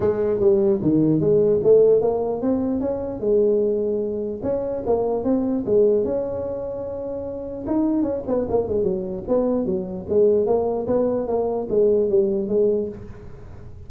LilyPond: \new Staff \with { instrumentName = "tuba" } { \time 4/4 \tempo 4 = 149 gis4 g4 dis4 gis4 | a4 ais4 c'4 cis'4 | gis2. cis'4 | ais4 c'4 gis4 cis'4~ |
cis'2. dis'4 | cis'8 b8 ais8 gis8 fis4 b4 | fis4 gis4 ais4 b4 | ais4 gis4 g4 gis4 | }